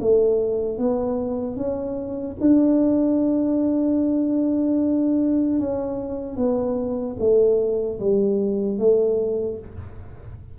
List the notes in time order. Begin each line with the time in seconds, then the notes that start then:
0.00 A3
0.78 B3
1.56 C#4
2.40 D4
5.59 C#4
6.36 B3
7.19 A3
7.99 G3
8.78 A3